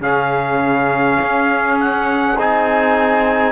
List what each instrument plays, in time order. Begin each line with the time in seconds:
0.00 cello C#3, trombone C#4, saxophone G#4, trumpet F5
1.22 cello C#4
1.79 trumpet F#5
2.38 cello C4, trombone D#4, trumpet G#5